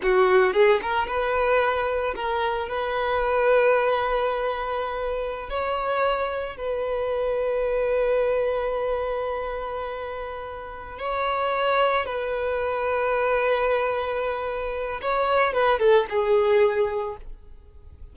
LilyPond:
\new Staff \with { instrumentName = "violin" } { \time 4/4 \tempo 4 = 112 fis'4 gis'8 ais'8 b'2 | ais'4 b'2.~ | b'2~ b'16 cis''4.~ cis''16~ | cis''16 b'2.~ b'8.~ |
b'1~ | b'8 cis''2 b'4.~ | b'1 | cis''4 b'8 a'8 gis'2 | }